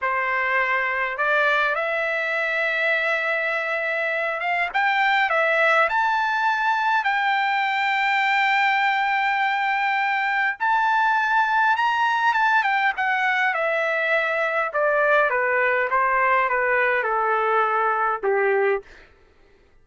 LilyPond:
\new Staff \with { instrumentName = "trumpet" } { \time 4/4 \tempo 4 = 102 c''2 d''4 e''4~ | e''2.~ e''8 f''8 | g''4 e''4 a''2 | g''1~ |
g''2 a''2 | ais''4 a''8 g''8 fis''4 e''4~ | e''4 d''4 b'4 c''4 | b'4 a'2 g'4 | }